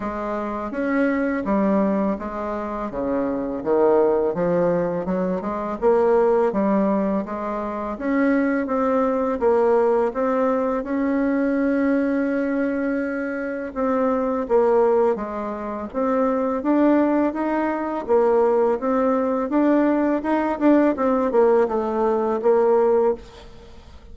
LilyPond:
\new Staff \with { instrumentName = "bassoon" } { \time 4/4 \tempo 4 = 83 gis4 cis'4 g4 gis4 | cis4 dis4 f4 fis8 gis8 | ais4 g4 gis4 cis'4 | c'4 ais4 c'4 cis'4~ |
cis'2. c'4 | ais4 gis4 c'4 d'4 | dis'4 ais4 c'4 d'4 | dis'8 d'8 c'8 ais8 a4 ais4 | }